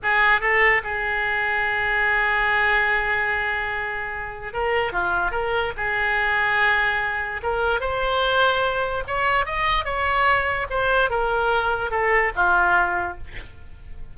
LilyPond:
\new Staff \with { instrumentName = "oboe" } { \time 4/4 \tempo 4 = 146 gis'4 a'4 gis'2~ | gis'1~ | gis'2. ais'4 | f'4 ais'4 gis'2~ |
gis'2 ais'4 c''4~ | c''2 cis''4 dis''4 | cis''2 c''4 ais'4~ | ais'4 a'4 f'2 | }